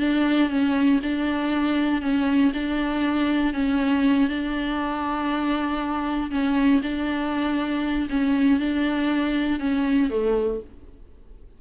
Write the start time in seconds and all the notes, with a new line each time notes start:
0.00 D4
0.50 C#4
1.03 D4
2.02 C#4
2.54 D4
3.54 C#4
4.29 D4
6.31 C#4
6.83 D4
8.10 C#4
8.60 D4
9.60 C#4
10.10 A3